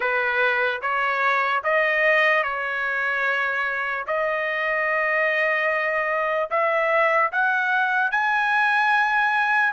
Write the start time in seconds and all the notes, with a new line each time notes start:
0.00 B4
0.81 C#5
1.63 D#5
2.43 C#5
4.07 D#5
6.50 E5
7.32 F#5
8.11 G#5